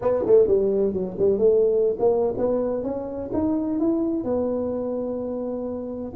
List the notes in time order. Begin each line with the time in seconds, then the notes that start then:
0.01 B3
0.26 A3
0.47 G3
0.93 F#3
1.18 G3
1.38 A3
1.99 A#3
2.37 B3
2.83 C#4
3.33 D#4
3.79 E4
4.23 B3